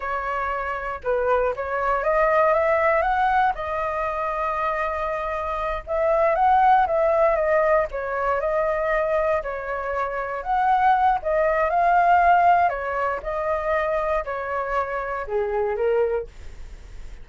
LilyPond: \new Staff \with { instrumentName = "flute" } { \time 4/4 \tempo 4 = 118 cis''2 b'4 cis''4 | dis''4 e''4 fis''4 dis''4~ | dis''2.~ dis''8 e''8~ | e''8 fis''4 e''4 dis''4 cis''8~ |
cis''8 dis''2 cis''4.~ | cis''8 fis''4. dis''4 f''4~ | f''4 cis''4 dis''2 | cis''2 gis'4 ais'4 | }